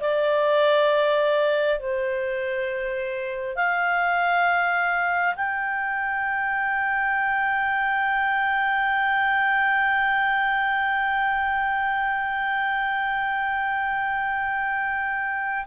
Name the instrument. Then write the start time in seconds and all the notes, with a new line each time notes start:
clarinet
0.00 D5
1.79 C5
3.56 F5
5.36 G5